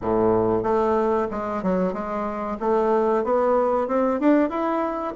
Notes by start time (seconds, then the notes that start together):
0.01 A2
0.63 A3
1.30 G#3
1.62 F#3
1.93 G#3
2.60 A3
3.24 B3
3.87 C4
4.20 D4
4.49 E4